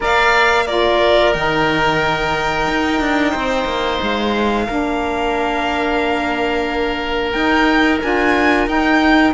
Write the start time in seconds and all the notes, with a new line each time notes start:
0.00 A#3 A#4 D5 F5
0.65 F4 A#4 D5
1.33 D#3 D#4 G5
2.67 D#4
3.00 D4
3.31 C4 C5
3.65 A#3
4.02 G#3 F5
4.66 A#3 D4 A#4
7.31 D#4 G5
8.02 D4 F4 G#5
8.67 D#4 G5